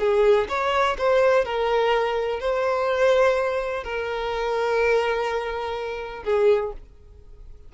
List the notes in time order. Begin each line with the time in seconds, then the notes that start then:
0.00 G#4
0.49 C#5
0.98 C5
1.45 A#4
2.40 C5
3.84 A#4
6.24 G#4